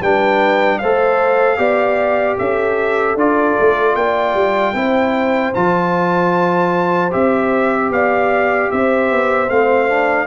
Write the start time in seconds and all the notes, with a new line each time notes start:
0.00 G3 D4 B4 G5
0.78 A3 A4 C5 F5
1.57 B3 G4 D5
2.38 C#4 A4 E5
3.15 D4 F4 D5
3.59 A3
3.95 A#3 D5 G5
4.34 G3
4.74 C4 E4 C5
5.54 F3 F4 A5
7.11 C4 G4 E5
7.90 B3 D5 F5
8.71 C4 C5 E5
9.11 B3
9.49 A3 C4 F5
9.89 D4